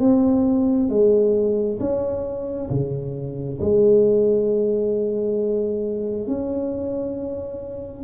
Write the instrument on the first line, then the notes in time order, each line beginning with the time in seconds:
tuba
0.00 C4
0.90 G#3
1.80 C#4
2.70 C#3
3.61 G#3
6.28 C#4